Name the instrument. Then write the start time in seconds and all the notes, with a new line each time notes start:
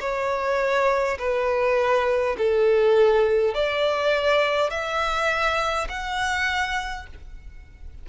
violin
0.00 C#5
1.18 B4
2.38 A4
3.54 D5
4.70 E5
5.89 F#5